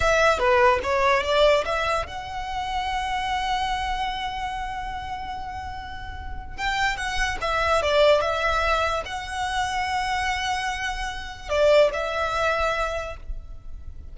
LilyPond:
\new Staff \with { instrumentName = "violin" } { \time 4/4 \tempo 4 = 146 e''4 b'4 cis''4 d''4 | e''4 fis''2.~ | fis''1~ | fis''1 |
g''4 fis''4 e''4 d''4 | e''2 fis''2~ | fis''1 | d''4 e''2. | }